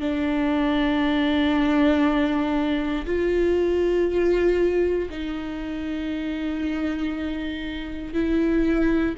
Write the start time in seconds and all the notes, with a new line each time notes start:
0.00 D4
3.06 F4
5.09 D#4
8.13 E4